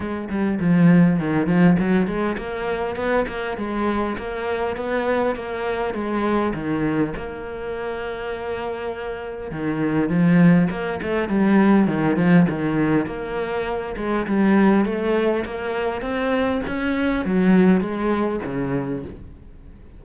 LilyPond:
\new Staff \with { instrumentName = "cello" } { \time 4/4 \tempo 4 = 101 gis8 g8 f4 dis8 f8 fis8 gis8 | ais4 b8 ais8 gis4 ais4 | b4 ais4 gis4 dis4 | ais1 |
dis4 f4 ais8 a8 g4 | dis8 f8 dis4 ais4. gis8 | g4 a4 ais4 c'4 | cis'4 fis4 gis4 cis4 | }